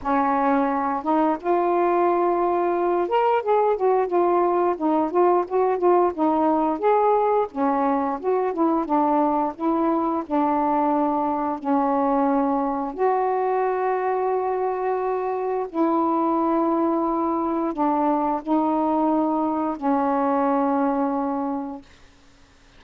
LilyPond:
\new Staff \with { instrumentName = "saxophone" } { \time 4/4 \tempo 4 = 88 cis'4. dis'8 f'2~ | f'8 ais'8 gis'8 fis'8 f'4 dis'8 f'8 | fis'8 f'8 dis'4 gis'4 cis'4 | fis'8 e'8 d'4 e'4 d'4~ |
d'4 cis'2 fis'4~ | fis'2. e'4~ | e'2 d'4 dis'4~ | dis'4 cis'2. | }